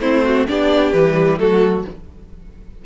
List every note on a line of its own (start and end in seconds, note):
0.00 0.46 A3
0.00 0.48 C4
0.00 0.24 E4
0.00 0.46 C5
0.24 0.47 F#4
0.48 0.93 B3
0.48 0.94 D4
0.48 1.40 G4
0.48 0.93 D5
0.93 1.39 E3
0.93 1.39 G3
0.93 1.39 B4
1.39 1.85 F#3
1.39 1.85 A3
1.39 1.86 F#4
1.39 1.85 A4